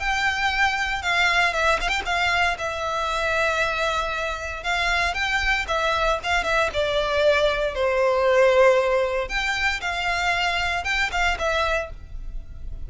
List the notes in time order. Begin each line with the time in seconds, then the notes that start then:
0.00 G5
1.02 F5
1.54 E5
1.81 F5
1.89 G5
2.05 F5
2.58 E5
4.64 F5
5.14 G5
5.68 E5
6.24 F5
6.44 E5
6.74 D5
7.75 C5
9.29 G5
9.81 F5
10.85 G5
11.12 F5
11.39 E5